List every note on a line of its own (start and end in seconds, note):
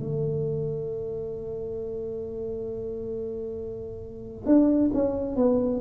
0.00 4.46 A3
4.46 4.91 D4
4.94 5.36 C#4
5.36 5.81 B3